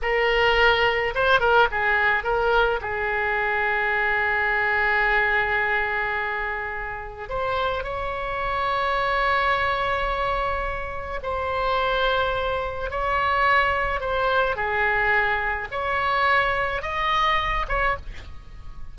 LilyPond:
\new Staff \with { instrumentName = "oboe" } { \time 4/4 \tempo 4 = 107 ais'2 c''8 ais'8 gis'4 | ais'4 gis'2.~ | gis'1~ | gis'4 c''4 cis''2~ |
cis''1 | c''2. cis''4~ | cis''4 c''4 gis'2 | cis''2 dis''4. cis''8 | }